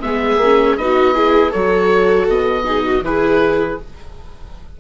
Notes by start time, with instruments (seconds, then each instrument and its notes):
0.00 bassoon G#3, viola B3 G#4, oboe E5
0.37 bassoon A#3
0.44 viola C#4
0.77 bassoon B3, viola D#4 F#4, oboe D#5
1.15 viola E4 G#4
1.51 bassoon F#3, viola F#4 A4, oboe C#5
2.28 bassoon B2, oboe D#5
2.64 viola D#4 G#4
2.85 viola F#4
3.02 bassoon E3, viola E4 G#4, oboe B4